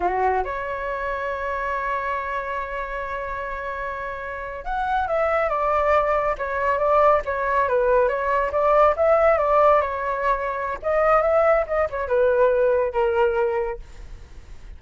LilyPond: \new Staff \with { instrumentName = "flute" } { \time 4/4 \tempo 4 = 139 fis'4 cis''2.~ | cis''1~ | cis''2~ cis''8. fis''4 e''16~ | e''8. d''2 cis''4 d''16~ |
d''8. cis''4 b'4 cis''4 d''16~ | d''8. e''4 d''4 cis''4~ cis''16~ | cis''4 dis''4 e''4 dis''8 cis''8 | b'2 ais'2 | }